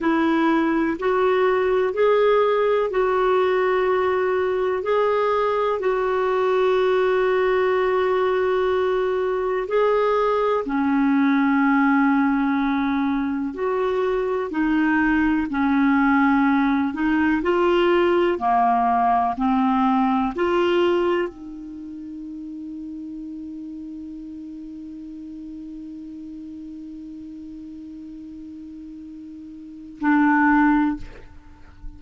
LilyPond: \new Staff \with { instrumentName = "clarinet" } { \time 4/4 \tempo 4 = 62 e'4 fis'4 gis'4 fis'4~ | fis'4 gis'4 fis'2~ | fis'2 gis'4 cis'4~ | cis'2 fis'4 dis'4 |
cis'4. dis'8 f'4 ais4 | c'4 f'4 dis'2~ | dis'1~ | dis'2. d'4 | }